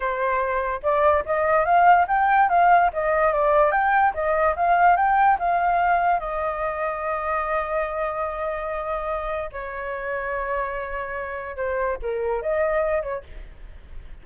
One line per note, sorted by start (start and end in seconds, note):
0.00 0.81 C5
0.82 1.24 D5
1.25 1.65 D#5
1.65 2.06 F5
2.07 2.49 G5
2.49 2.90 F5
2.93 3.32 D#5
3.32 3.71 D5
3.71 4.13 G5
4.14 4.55 D#5
4.56 4.96 F5
4.96 5.37 G5
5.39 6.19 F5
6.19 9.50 D#5
9.52 11.56 C#5
11.56 11.97 C5
12.02 12.42 A#4
12.42 13.02 D#5
13.02 13.23 C#5